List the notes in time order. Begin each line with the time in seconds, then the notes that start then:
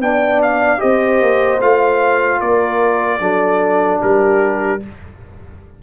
0.00 B3 D4 D5 G5
0.43 F5
0.78 C4 G4 C5 D#5
1.21 A#3
1.61 A3 F4 F5
2.41 A#3 A#4 D5
3.20 F#3 D4 A4
4.01 G3 G4 A#4